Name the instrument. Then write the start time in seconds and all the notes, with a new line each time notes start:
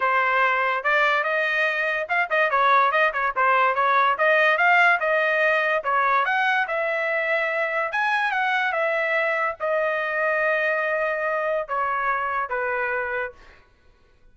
trumpet
0.00 C5
0.83 D5
1.23 D#5
2.08 F5
2.29 D#5
2.50 C#5
2.91 D#5
3.13 C#5
3.35 C5
3.75 C#5
4.17 D#5
4.57 F5
5.00 D#5
5.83 C#5
6.25 F#5
6.67 E5
7.92 G#5
8.31 F#5
8.72 E5
9.59 D#5
11.68 C#5
12.49 B4